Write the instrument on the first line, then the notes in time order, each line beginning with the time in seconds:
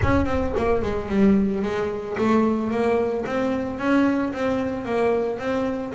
double bass
0.02 C#4
0.25 C4
0.57 A#3
0.82 G#3
1.08 G3
1.62 G#3
2.18 A3
2.70 A#3
3.26 C4
3.78 C#4
4.33 C4
4.85 A#3
5.39 C4